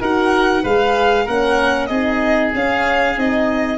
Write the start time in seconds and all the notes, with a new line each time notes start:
0.00 D#4 F#4 A#4 F#5
0.62 G#3 G#4 B4 F5
1.25 A#3 C#4 A#4 F#5
1.86 C4 D#4 G#4 D#5
2.54 C#4 F5
3.15 C4 D#4 D#5